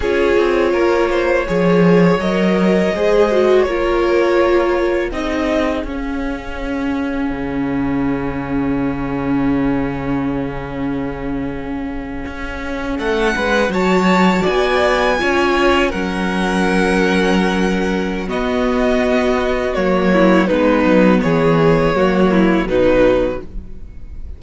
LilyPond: <<
  \new Staff \with { instrumentName = "violin" } { \time 4/4 \tempo 4 = 82 cis''2. dis''4~ | dis''4 cis''2 dis''4 | f''1~ | f''1~ |
f''4.~ f''16 fis''4 a''4 gis''16~ | gis''4.~ gis''16 fis''2~ fis''16~ | fis''4 dis''2 cis''4 | b'4 cis''2 b'4 | }
  \new Staff \with { instrumentName = "violin" } { \time 4/4 gis'4 ais'8 c''8 cis''2 | c''4 ais'2 gis'4~ | gis'1~ | gis'1~ |
gis'4.~ gis'16 a'8 b'8 cis''4 d''16~ | d''8. cis''4 ais'2~ ais'16~ | ais'4 fis'2~ fis'8 e'8 | dis'4 gis'4 fis'8 e'8 dis'4 | }
  \new Staff \with { instrumentName = "viola" } { \time 4/4 f'2 gis'4 ais'4 | gis'8 fis'8 f'2 dis'4 | cis'1~ | cis'1~ |
cis'2~ cis'8. fis'4~ fis'16~ | fis'8. f'4 cis'2~ cis'16~ | cis'4 b2 ais4 | b2 ais4 fis4 | }
  \new Staff \with { instrumentName = "cello" } { \time 4/4 cis'8 c'8 ais4 f4 fis4 | gis4 ais2 c'4 | cis'2 cis2~ | cis1~ |
cis8. cis'4 a8 gis8 fis4 b16~ | b8. cis'4 fis2~ fis16~ | fis4 b2 fis4 | gis8 fis8 e4 fis4 b,4 | }
>>